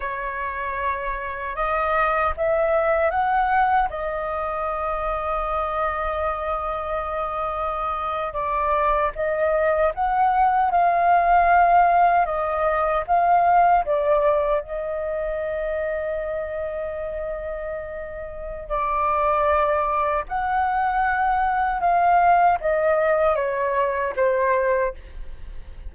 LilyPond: \new Staff \with { instrumentName = "flute" } { \time 4/4 \tempo 4 = 77 cis''2 dis''4 e''4 | fis''4 dis''2.~ | dis''2~ dis''8. d''4 dis''16~ | dis''8. fis''4 f''2 dis''16~ |
dis''8. f''4 d''4 dis''4~ dis''16~ | dis''1 | d''2 fis''2 | f''4 dis''4 cis''4 c''4 | }